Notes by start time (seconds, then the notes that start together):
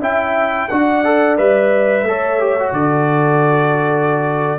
0.00 C#4 E4 E5 G5
0.68 D4 F#4 D5 F#5
1.04 A4
1.37 G3 B4 E5
2.02 A3 A4 C#5
2.39 G4
2.59 F#4
2.72 D3 A4 D5